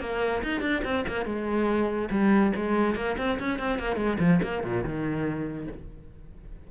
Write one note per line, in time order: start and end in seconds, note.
0.00 0.42 A#3
0.43 0.61 D#4
0.61 0.82 D4
0.84 1.05 C4
1.08 1.25 A#3
1.25 2.09 G#3
2.10 2.52 G3
2.55 2.95 G#3
2.95 3.16 A#3
3.18 3.39 C4
3.39 3.59 C#4
3.59 3.79 C4
3.79 3.96 A#3
3.96 4.17 G#3
4.19 4.40 F3
4.42 4.63 A#3
4.63 4.83 A#2
4.83 5.67 D#3